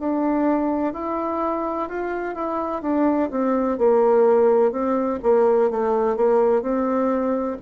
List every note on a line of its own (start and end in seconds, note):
0.00 0.94 D4
0.94 1.89 E4
1.89 2.35 F4
2.35 2.82 E4
2.82 3.30 D4
3.31 3.78 C4
3.78 4.71 A#3
4.71 5.19 C4
5.23 5.71 A#3
5.71 6.16 A3
6.16 6.62 A#3
6.62 7.57 C4